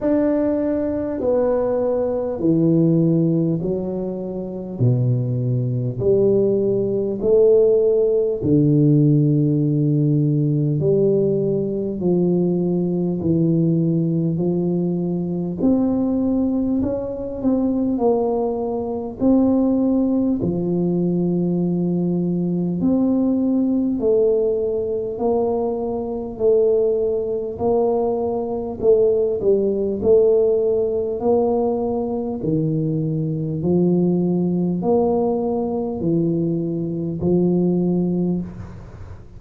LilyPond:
\new Staff \with { instrumentName = "tuba" } { \time 4/4 \tempo 4 = 50 d'4 b4 e4 fis4 | b,4 g4 a4 d4~ | d4 g4 f4 e4 | f4 c'4 cis'8 c'8 ais4 |
c'4 f2 c'4 | a4 ais4 a4 ais4 | a8 g8 a4 ais4 dis4 | f4 ais4 e4 f4 | }